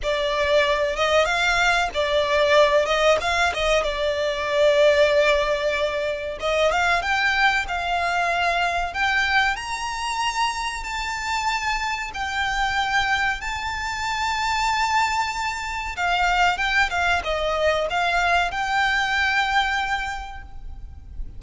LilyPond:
\new Staff \with { instrumentName = "violin" } { \time 4/4 \tempo 4 = 94 d''4. dis''8 f''4 d''4~ | d''8 dis''8 f''8 dis''8 d''2~ | d''2 dis''8 f''8 g''4 | f''2 g''4 ais''4~ |
ais''4 a''2 g''4~ | g''4 a''2.~ | a''4 f''4 g''8 f''8 dis''4 | f''4 g''2. | }